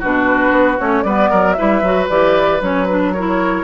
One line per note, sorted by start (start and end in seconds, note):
0.00 0.51 B2
0.00 0.79 D4
0.00 1.04 F#4
0.00 0.80 B4
0.51 0.77 B3
0.79 1.04 A3
0.79 1.05 C#4
0.79 1.03 C#5
1.03 1.30 G3
1.03 1.57 B3
1.03 1.30 B4
1.03 1.53 D5
1.30 1.59 F#3
1.30 1.56 A#4
1.53 1.83 E4
1.53 3.15 B4
1.53 2.05 E5
1.60 1.83 G3
1.83 2.09 F#3
1.83 2.10 F#4
2.09 2.61 E3
2.09 2.62 G4
2.09 2.62 D5
2.61 3.64 F#3
2.61 2.88 C#4
2.61 2.86 C#5
2.86 3.15 D4
2.86 3.12 B4
3.13 3.64 E4
3.13 3.64 A#4
3.13 3.64 C#5